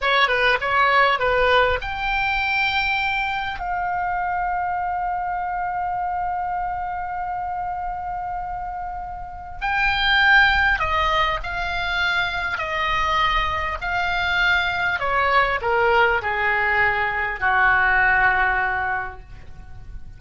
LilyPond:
\new Staff \with { instrumentName = "oboe" } { \time 4/4 \tempo 4 = 100 cis''8 b'8 cis''4 b'4 g''4~ | g''2 f''2~ | f''1~ | f''1 |
g''2 dis''4 f''4~ | f''4 dis''2 f''4~ | f''4 cis''4 ais'4 gis'4~ | gis'4 fis'2. | }